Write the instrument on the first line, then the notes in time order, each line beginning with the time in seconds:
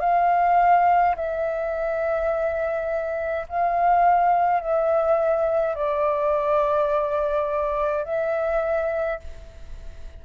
flute
0.00 F5
1.16 E5
3.49 F5
4.60 E5
5.75 D5
8.05 E5